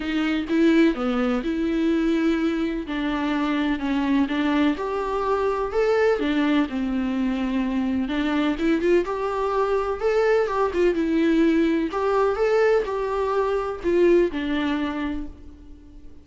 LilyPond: \new Staff \with { instrumentName = "viola" } { \time 4/4 \tempo 4 = 126 dis'4 e'4 b4 e'4~ | e'2 d'2 | cis'4 d'4 g'2 | a'4 d'4 c'2~ |
c'4 d'4 e'8 f'8 g'4~ | g'4 a'4 g'8 f'8 e'4~ | e'4 g'4 a'4 g'4~ | g'4 f'4 d'2 | }